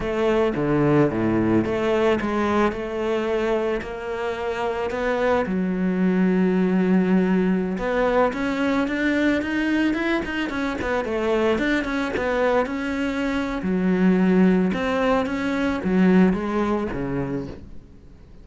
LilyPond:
\new Staff \with { instrumentName = "cello" } { \time 4/4 \tempo 4 = 110 a4 d4 a,4 a4 | gis4 a2 ais4~ | ais4 b4 fis2~ | fis2~ fis16 b4 cis'8.~ |
cis'16 d'4 dis'4 e'8 dis'8 cis'8 b16~ | b16 a4 d'8 cis'8 b4 cis'8.~ | cis'4 fis2 c'4 | cis'4 fis4 gis4 cis4 | }